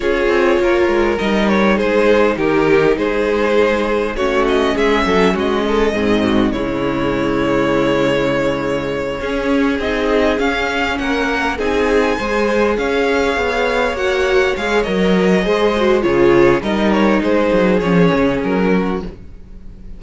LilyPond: <<
  \new Staff \with { instrumentName = "violin" } { \time 4/4 \tempo 4 = 101 cis''2 dis''8 cis''8 c''4 | ais'4 c''2 cis''8 dis''8 | e''4 dis''2 cis''4~ | cis''1~ |
cis''8 dis''4 f''4 fis''4 gis''8~ | gis''4. f''2 fis''8~ | fis''8 f''8 dis''2 cis''4 | dis''8 cis''8 c''4 cis''4 ais'4 | }
  \new Staff \with { instrumentName = "violin" } { \time 4/4 gis'4 ais'2 gis'4 | g'4 gis'2 fis'4 | gis'8 a'8 fis'8 a'8 gis'8 fis'8 e'4~ | e'2.~ e'8 gis'8~ |
gis'2~ gis'8 ais'4 gis'8~ | gis'8 c''4 cis''2~ cis''8~ | cis''2 c''4 gis'4 | ais'4 gis'2~ gis'8 fis'8 | }
  \new Staff \with { instrumentName = "viola" } { \time 4/4 f'2 dis'2~ | dis'2. cis'4~ | cis'2 c'4 gis4~ | gis2.~ gis8 cis'8~ |
cis'8 dis'4 cis'2 dis'8~ | dis'8 gis'2. fis'8~ | fis'8 gis'8 ais'4 gis'8 fis'8 f'4 | dis'2 cis'2 | }
  \new Staff \with { instrumentName = "cello" } { \time 4/4 cis'8 c'8 ais8 gis8 g4 gis4 | dis4 gis2 a4 | gis8 fis8 gis4 gis,4 cis4~ | cis2.~ cis8 cis'8~ |
cis'8 c'4 cis'4 ais4 c'8~ | c'8 gis4 cis'4 b4 ais8~ | ais8 gis8 fis4 gis4 cis4 | g4 gis8 fis8 f8 cis8 fis4 | }
>>